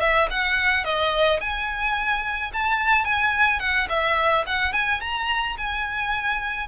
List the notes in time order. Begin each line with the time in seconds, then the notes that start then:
0.00 E5
0.30 F#5
0.84 D#5
1.40 G#5
2.53 A5
3.05 G#5
3.59 F#5
3.89 E5
4.46 F#5
4.72 G#5
5.01 A#5
5.57 G#5